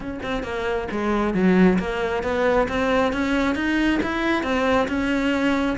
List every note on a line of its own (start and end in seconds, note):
0.00 0.19 C#4
0.22 0.43 C4
0.43 0.87 A#3
0.91 1.33 G#3
1.33 1.78 F#3
1.79 2.23 A#3
2.23 2.67 B3
2.68 3.12 C4
3.12 3.55 C#4
3.55 3.99 D#4
4.02 4.43 E4
4.43 4.87 C4
4.87 5.76 C#4